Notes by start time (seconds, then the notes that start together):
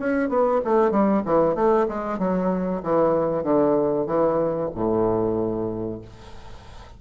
0.00 C#4
0.30 B3
0.65 A3
0.91 G3
1.26 E3
1.55 A3
1.89 G#3
2.19 F#3
2.83 E3
3.44 D3
4.07 E3
4.75 A2